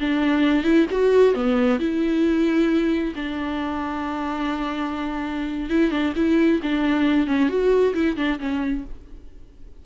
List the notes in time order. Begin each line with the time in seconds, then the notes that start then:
0.00 D4
0.64 E4
0.90 F#4
1.34 B3
1.79 E4
3.15 D4
5.70 E4
5.91 D4
6.15 E4
6.62 D4
7.27 C#4
7.49 F#4
7.94 E4
8.16 D4
8.39 C#4